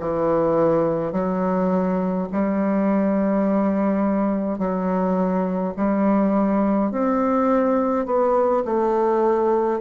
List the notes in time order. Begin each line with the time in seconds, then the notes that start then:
0.00 E3
1.12 F#3
2.32 G3
4.58 F#3
5.77 G3
6.91 C4
8.06 B3
8.65 A3